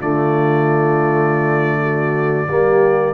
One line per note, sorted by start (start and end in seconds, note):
0.00 2.48 D3
0.00 2.48 A3
0.00 1.81 F4
0.00 3.14 D5
1.83 2.48 F#4
2.48 3.14 G3
2.48 3.14 A#3
2.48 3.14 G4